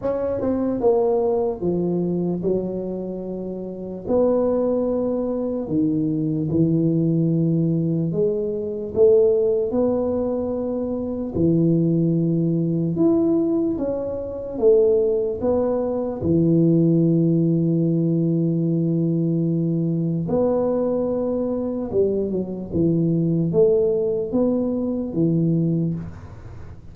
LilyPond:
\new Staff \with { instrumentName = "tuba" } { \time 4/4 \tempo 4 = 74 cis'8 c'8 ais4 f4 fis4~ | fis4 b2 dis4 | e2 gis4 a4 | b2 e2 |
e'4 cis'4 a4 b4 | e1~ | e4 b2 g8 fis8 | e4 a4 b4 e4 | }